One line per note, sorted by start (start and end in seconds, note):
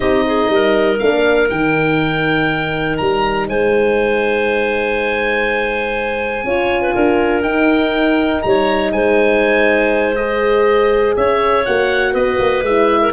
0.00 0.48 C4
0.00 0.98 D#4
0.00 0.24 G4
0.00 0.98 D#5
0.26 0.51 G#4
0.48 0.97 G3
0.48 3.49 A#4
0.98 1.50 A#3
0.98 1.50 D4
0.98 1.48 F5
1.50 2.99 D#3
1.50 6.45 D#4
1.50 2.97 G5
2.97 3.48 G3
2.97 3.46 A#5
3.48 6.43 G#3
3.48 6.46 C5
3.48 7.42 G#5
6.43 6.93 C#4
6.43 7.43 F4
6.43 6.81 C#5
6.81 6.94 B4
6.94 7.43 D4
6.94 8.43 A#4
7.42 8.42 D#4
7.42 10.16 D#4
7.42 8.42 G5
8.42 8.92 G3
8.42 8.93 C#5
8.42 8.91 A#5
8.92 11.15 G#3
8.92 11.17 C5
8.92 10.15 G#5
10.15 11.66 G#4
10.15 11.14 D#5
11.16 11.66 C#4
11.16 12.12 C#5
11.16 11.65 E5
11.65 12.14 A#3
11.65 12.65 F#4
11.65 12.14 F#5
12.12 12.38 B3
12.12 12.99 B4
12.12 12.63 D#5
12.39 12.62 A#3
12.62 13.11 G#3
12.62 13.13 E4
12.62 13.13 E5
13.01 13.13 A#4